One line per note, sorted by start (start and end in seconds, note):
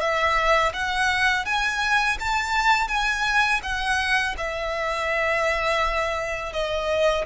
0.00 0.72 E5
0.73 1.45 F#5
1.45 2.18 G#5
2.19 2.88 A5
2.88 3.60 G#5
3.63 4.35 F#5
4.38 6.53 E5
6.53 7.25 D#5